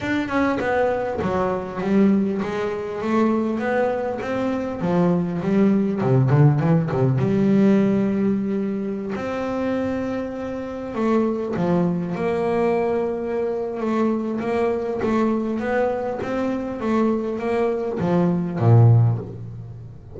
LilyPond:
\new Staff \with { instrumentName = "double bass" } { \time 4/4 \tempo 4 = 100 d'8 cis'8 b4 fis4 g4 | gis4 a4 b4 c'4 | f4 g4 c8 d8 e8 c8 | g2.~ g16 c'8.~ |
c'2~ c'16 a4 f8.~ | f16 ais2~ ais8. a4 | ais4 a4 b4 c'4 | a4 ais4 f4 ais,4 | }